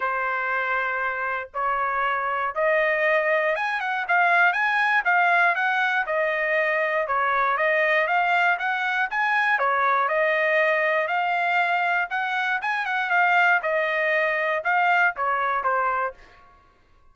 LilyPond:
\new Staff \with { instrumentName = "trumpet" } { \time 4/4 \tempo 4 = 119 c''2. cis''4~ | cis''4 dis''2 gis''8 fis''8 | f''4 gis''4 f''4 fis''4 | dis''2 cis''4 dis''4 |
f''4 fis''4 gis''4 cis''4 | dis''2 f''2 | fis''4 gis''8 fis''8 f''4 dis''4~ | dis''4 f''4 cis''4 c''4 | }